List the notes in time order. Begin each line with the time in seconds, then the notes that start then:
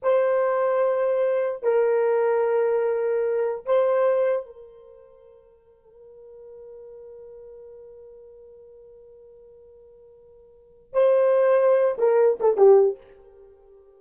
0.02 C5
1.63 A#4
3.65 C5
4.46 A#4
10.93 C5
11.98 A#4
12.40 A4
12.56 G4